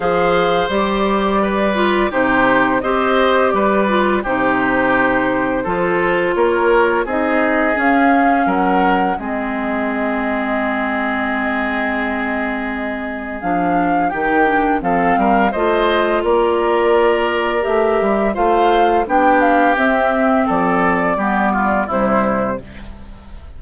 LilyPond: <<
  \new Staff \with { instrumentName = "flute" } { \time 4/4 \tempo 4 = 85 f''4 d''2 c''4 | dis''4 d''4 c''2~ | c''4 cis''4 dis''4 f''4 | fis''4 dis''2.~ |
dis''2. f''4 | g''4 f''4 dis''4 d''4~ | d''4 e''4 f''4 g''8 f''8 | e''4 d''2 c''4 | }
  \new Staff \with { instrumentName = "oboe" } { \time 4/4 c''2 b'4 g'4 | c''4 b'4 g'2 | a'4 ais'4 gis'2 | ais'4 gis'2.~ |
gis'1 | g'4 a'8 ais'8 c''4 ais'4~ | ais'2 c''4 g'4~ | g'4 a'4 g'8 f'8 e'4 | }
  \new Staff \with { instrumentName = "clarinet" } { \time 4/4 gis'4 g'4. f'8 dis'4 | g'4. f'8 dis'2 | f'2 dis'4 cis'4~ | cis'4 c'2.~ |
c'2. d'4 | dis'8 d'8 c'4 f'2~ | f'4 g'4 f'4 d'4 | c'2 b4 g4 | }
  \new Staff \with { instrumentName = "bassoon" } { \time 4/4 f4 g2 c4 | c'4 g4 c2 | f4 ais4 c'4 cis'4 | fis4 gis2.~ |
gis2. f4 | dis4 f8 g8 a4 ais4~ | ais4 a8 g8 a4 b4 | c'4 f4 g4 c4 | }
>>